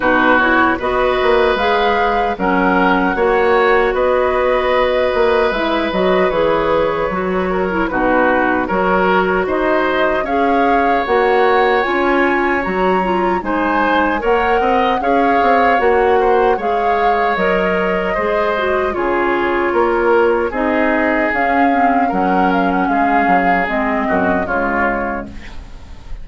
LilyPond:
<<
  \new Staff \with { instrumentName = "flute" } { \time 4/4 \tempo 4 = 76 b'8 cis''8 dis''4 f''4 fis''4~ | fis''4 dis''2 e''8 dis''8 | cis''2 b'4 cis''4 | dis''4 f''4 fis''4 gis''4 |
ais''4 gis''4 fis''4 f''4 | fis''4 f''4 dis''2 | cis''2 dis''4 f''4 | fis''8 f''16 fis''16 f''4 dis''4 cis''4 | }
  \new Staff \with { instrumentName = "oboe" } { \time 4/4 fis'4 b'2 ais'4 | cis''4 b'2.~ | b'4. ais'8 fis'4 ais'4 | c''4 cis''2.~ |
cis''4 c''4 cis''8 dis''8 cis''4~ | cis''8 c''8 cis''2 c''4 | gis'4 ais'4 gis'2 | ais'4 gis'4. fis'8 f'4 | }
  \new Staff \with { instrumentName = "clarinet" } { \time 4/4 dis'8 e'8 fis'4 gis'4 cis'4 | fis'2. e'8 fis'8 | gis'4 fis'8. e'16 dis'4 fis'4~ | fis'4 gis'4 fis'4 f'4 |
fis'8 f'8 dis'4 ais'4 gis'4 | fis'4 gis'4 ais'4 gis'8 fis'8 | f'2 dis'4 cis'8 c'8 | cis'2 c'4 gis4 | }
  \new Staff \with { instrumentName = "bassoon" } { \time 4/4 b,4 b8 ais8 gis4 fis4 | ais4 b4. ais8 gis8 fis8 | e4 fis4 b,4 fis4 | dis'4 cis'4 ais4 cis'4 |
fis4 gis4 ais8 c'8 cis'8 c'8 | ais4 gis4 fis4 gis4 | cis4 ais4 c'4 cis'4 | fis4 gis8 fis8 gis8 fis,8 cis4 | }
>>